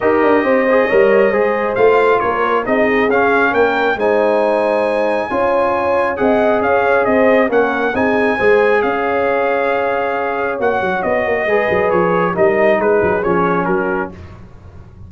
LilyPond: <<
  \new Staff \with { instrumentName = "trumpet" } { \time 4/4 \tempo 4 = 136 dis''1 | f''4 cis''4 dis''4 f''4 | g''4 gis''2.~ | gis''2 fis''4 f''4 |
dis''4 fis''4 gis''2 | f''1 | fis''4 dis''2 cis''4 | dis''4 b'4 cis''4 ais'4 | }
  \new Staff \with { instrumentName = "horn" } { \time 4/4 ais'4 c''4 cis''4 c''4~ | c''4 ais'4 gis'2 | ais'4 c''2. | cis''2 dis''4 cis''4 |
c''4 ais'4 gis'4 c''4 | cis''1~ | cis''2 b'2 | ais'4 gis'2 fis'4 | }
  \new Staff \with { instrumentName = "trombone" } { \time 4/4 g'4. gis'8 ais'4 gis'4 | f'2 dis'4 cis'4~ | cis'4 dis'2. | f'2 gis'2~ |
gis'4 cis'4 dis'4 gis'4~ | gis'1 | fis'2 gis'2 | dis'2 cis'2 | }
  \new Staff \with { instrumentName = "tuba" } { \time 4/4 dis'8 d'8 c'4 g4 gis4 | a4 ais4 c'4 cis'4 | ais4 gis2. | cis'2 c'4 cis'4 |
c'4 ais4 c'4 gis4 | cis'1 | ais8 fis8 b8 ais8 gis8 fis8 f4 | g4 gis8 fis8 f4 fis4 | }
>>